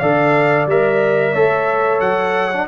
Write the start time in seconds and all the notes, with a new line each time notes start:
0.00 D3 A4 D5 F5
0.67 G3 A#4 E5
1.33 A3 A4 C#5
2.01 F#3 F#5
2.54 D4